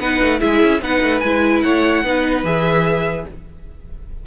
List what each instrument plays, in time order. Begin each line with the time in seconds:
0.00 cello B3, viola D#4, violin B4 F#5
0.22 cello A3
0.40 cello G#3, viola E4, violin G#4 E5
0.64 cello C#4
0.82 cello B3, viola D#4, violin B4 F#5
1.03 cello A3
1.20 cello G#3, viola E4, violin G#5
1.62 cello A3, violin C#5 F#5
2.04 cello B3, viola D#4, violin B4
2.44 cello E3, viola G#4, violin E5